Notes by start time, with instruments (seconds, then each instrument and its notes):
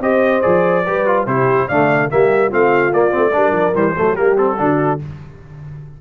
0.00 tuba C4, trombone G4, horn C5, trumpet D#5
0.41 tuba F3, trombone G#4, trumpet D5
0.85 tuba G3, trombone G4, horn B4
1.06 trombone F4
1.26 tuba C3, trombone E4, horn G4, trumpet C5
1.68 tuba D3, trombone A3, horn D5, trumpet F5
2.09 tuba G3, trombone A#3, horn G4, trumpet E5
2.47 tuba A3, trombone C4, horn F4, trumpet F5
2.93 tuba A#3, trombone A#3, trumpet D5
3.10 tuba A3, trombone C4
3.32 tuba G3, trombone D4, horn A#4
3.52 tuba F3
3.74 tuba E3, trombone G3, trumpet C5
3.95 tuba F#3, trombone A3, horn A4
4.12 trombone A#3, horn G4, trumpet A#4
4.20 tuba G3
4.36 trombone C4, trumpet A4
4.57 tuba D3, trombone D4, horn F#4